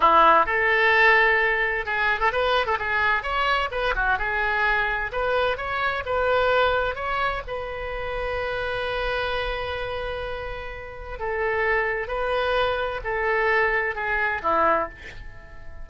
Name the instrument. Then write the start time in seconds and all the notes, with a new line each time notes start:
oboe
0.00 E4
0.46 A4
1.85 G#4
2.20 A4
2.32 B4
2.66 A4
2.78 G#4
3.22 C#5
3.71 B4
3.95 F#4
4.18 G#4
5.11 B4
5.57 C#5
6.05 B4
6.95 C#5
7.47 B4
11.19 A4
12.07 B4
13.04 A4
13.95 G#4
14.42 E4